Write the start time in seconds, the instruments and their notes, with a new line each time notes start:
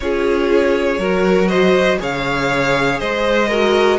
0.00 cello C#4, viola F4, violin G#4 C#5
0.98 cello F#3, viola F#4, violin A#4
1.48 violin C5 D#5
1.98 cello C#3, viola G#4, violin C#5 F5
3.00 cello G#3, violin C5 D#5
3.48 viola F#4, violin A#4